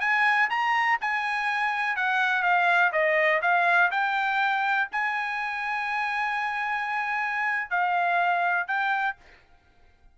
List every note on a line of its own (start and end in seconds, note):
0.00 0.49 G#5
0.49 0.98 A#5
1.00 1.96 G#5
1.96 2.42 F#5
2.42 2.91 F5
2.92 3.41 D#5
3.41 3.90 F5
3.90 4.88 G5
4.92 7.70 G#5
7.70 8.67 F5
8.67 9.16 G5